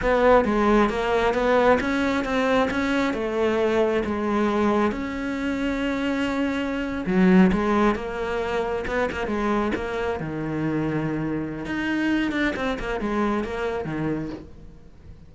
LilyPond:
\new Staff \with { instrumentName = "cello" } { \time 4/4 \tempo 4 = 134 b4 gis4 ais4 b4 | cis'4 c'4 cis'4 a4~ | a4 gis2 cis'4~ | cis'2.~ cis'8. fis16~ |
fis8. gis4 ais2 b16~ | b16 ais8 gis4 ais4 dis4~ dis16~ | dis2 dis'4. d'8 | c'8 ais8 gis4 ais4 dis4 | }